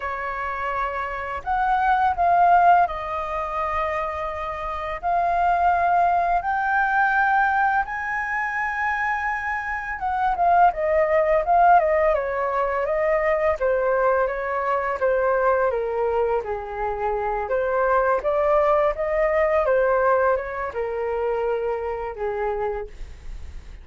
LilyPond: \new Staff \with { instrumentName = "flute" } { \time 4/4 \tempo 4 = 84 cis''2 fis''4 f''4 | dis''2. f''4~ | f''4 g''2 gis''4~ | gis''2 fis''8 f''8 dis''4 |
f''8 dis''8 cis''4 dis''4 c''4 | cis''4 c''4 ais'4 gis'4~ | gis'8 c''4 d''4 dis''4 c''8~ | c''8 cis''8 ais'2 gis'4 | }